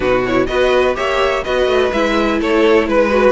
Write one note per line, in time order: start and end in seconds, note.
0.00 0.48 B2
0.00 0.21 D#4
0.00 0.45 F#4
0.00 0.24 B4
0.25 0.47 E4
0.25 0.46 C#5
0.46 0.96 B3
0.46 0.95 F#4
0.46 0.96 B4
0.46 0.94 D#5
0.95 1.46 A#3
0.95 1.43 G4
0.95 1.44 C#5
0.95 1.44 E5
1.44 1.66 B3
1.44 1.93 F#4
1.44 2.40 B4
1.44 1.92 D#5
1.66 1.90 A3
1.92 2.40 G#3
1.92 3.10 E4
1.92 2.40 E5
2.40 2.87 A3
2.40 2.88 A4
2.40 2.88 C#5
2.87 3.32 G#3
2.87 3.32 B4
3.10 3.32 F#4